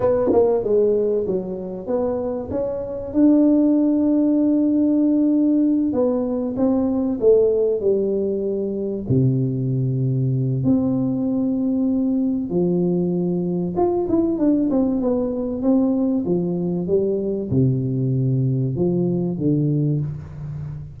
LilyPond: \new Staff \with { instrumentName = "tuba" } { \time 4/4 \tempo 4 = 96 b8 ais8 gis4 fis4 b4 | cis'4 d'2.~ | d'4. b4 c'4 a8~ | a8 g2 c4.~ |
c4 c'2. | f2 f'8 e'8 d'8 c'8 | b4 c'4 f4 g4 | c2 f4 d4 | }